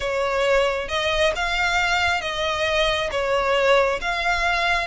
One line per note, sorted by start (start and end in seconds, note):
0.00 0.88 C#5
0.88 1.33 D#5
1.35 2.21 F5
2.21 3.09 D#5
3.11 4.00 C#5
4.01 4.87 F5